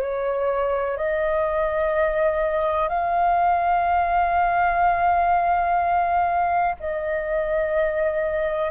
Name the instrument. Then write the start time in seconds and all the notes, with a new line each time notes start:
flute
0.00 C#5
0.97 D#5
2.88 F5
6.80 D#5